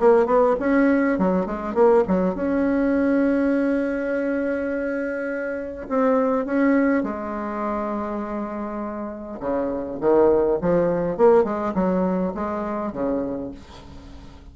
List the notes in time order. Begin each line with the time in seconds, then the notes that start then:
0.00 A#3
0.26 B3
0.60 C#4
1.19 F#3
1.47 G#3
1.75 A#3
2.08 F#3
2.35 C#4
5.89 C4
6.46 C#4
7.04 G#3
9.40 C#3
10.01 D#3
10.61 F3
11.18 A#3
11.44 G#3
11.75 F#3
12.35 G#3
12.93 C#3